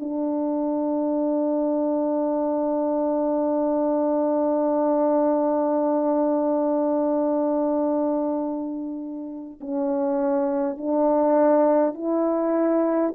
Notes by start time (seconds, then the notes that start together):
0.00 D4
9.61 C#4
10.77 D4
11.94 E4